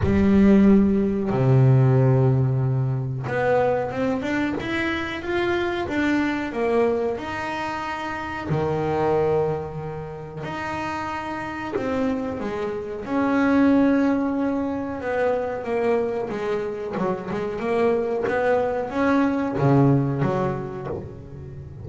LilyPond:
\new Staff \with { instrumentName = "double bass" } { \time 4/4 \tempo 4 = 92 g2 c2~ | c4 b4 c'8 d'8 e'4 | f'4 d'4 ais4 dis'4~ | dis'4 dis2. |
dis'2 c'4 gis4 | cis'2. b4 | ais4 gis4 fis8 gis8 ais4 | b4 cis'4 cis4 fis4 | }